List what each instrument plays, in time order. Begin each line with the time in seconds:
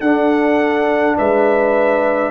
0.00 tuba D4, trombone D4, horn A4, trumpet F#5
1.17 tuba G#3, horn B4, trumpet E5